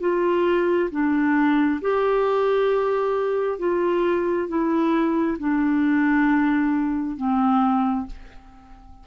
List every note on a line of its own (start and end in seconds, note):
0.00 0.90 F4
0.91 1.80 D4
1.81 3.59 G4
3.59 4.48 F4
4.48 5.38 E4
5.39 7.16 D4
7.16 8.06 C4